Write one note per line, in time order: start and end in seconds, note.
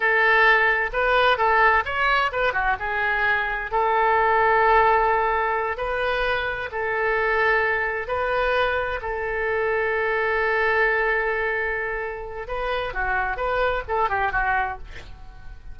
0.00 0.90 A4
0.93 1.37 B4
1.37 1.83 A4
1.85 2.31 C#5
2.32 2.53 B4
2.53 2.76 F#4
2.79 3.71 G#4
3.71 5.77 A4
5.77 6.69 B4
6.71 8.07 A4
8.07 9.00 B4
9.01 12.47 A4
12.47 12.93 B4
12.93 13.36 F#4
13.36 13.83 B4
13.88 14.09 A4
14.09 14.32 G4
14.32 14.78 F#4